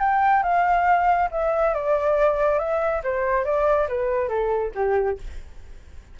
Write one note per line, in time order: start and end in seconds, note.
0.00 0.43 G5
0.43 1.29 F5
1.31 1.74 E5
1.74 2.59 D5
2.59 3.02 E5
3.04 3.45 C5
3.45 3.88 D5
3.89 4.29 B4
4.29 4.72 A4
4.75 5.18 G4